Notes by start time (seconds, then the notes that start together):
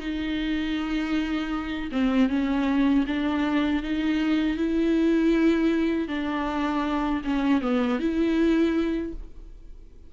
0.00 D#4
1.92 C4
2.30 C#4
3.07 D4
3.83 D#4
4.57 E4
6.08 D4
7.25 C#4
7.61 B3
8.00 E4